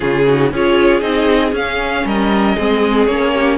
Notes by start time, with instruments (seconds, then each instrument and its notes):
0.00 cello C#3, viola C#4, violin F4 G#4
0.27 viola D#4, violin F#4
0.52 cello C#4, viola F4, violin G#4 C#5
1.00 cello C4, viola D#4, violin D#5
1.52 cello C#4, viola C#4, violin F5
2.05 cello G3, violin A#4 D#5
2.56 cello G#3, viola C4, violin G#4
3.05 cello A#3, viola C#4, violin C#5
3.33 violin G4